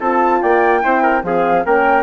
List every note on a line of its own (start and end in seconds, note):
0.00 0.41 C4
0.00 0.82 F4
0.00 0.41 A4
0.00 0.42 A5
0.42 0.84 A#3
0.42 0.83 D5
0.42 1.24 G5
0.82 1.23 C4
0.82 1.22 E4
0.82 1.03 C5
1.03 1.24 A#4
1.23 1.64 F3
1.23 1.65 C4
1.23 1.66 G#4
1.23 1.65 F5
1.65 2.03 A#3
1.65 2.03 C#4
1.65 2.03 A#4
1.65 2.03 G5